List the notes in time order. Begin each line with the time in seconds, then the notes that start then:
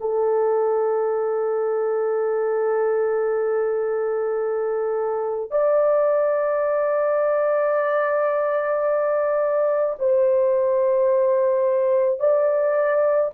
0.00 A4
5.51 D5
9.98 C5
12.19 D5